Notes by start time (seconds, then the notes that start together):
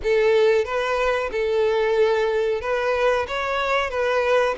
0.03 A4
0.64 B4
1.31 A4
2.61 B4
3.27 C#5
3.90 B4